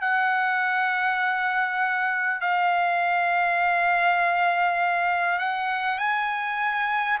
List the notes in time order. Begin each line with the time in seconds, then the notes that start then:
0.00 F#5
2.41 F5
5.38 F#5
5.98 G#5